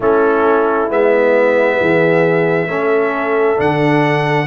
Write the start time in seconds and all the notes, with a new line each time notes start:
0.00 A3 C#4 E4 A4
0.88 G#3 B3 E5
1.80 E3 G#4
2.67 A3 C#4 A4
3.56 D3 D4 F#5